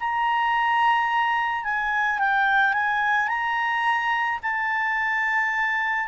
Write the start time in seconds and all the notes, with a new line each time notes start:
0.00 A#5
1.64 G#5
2.19 G5
2.73 G#5
3.28 A#5
4.42 A5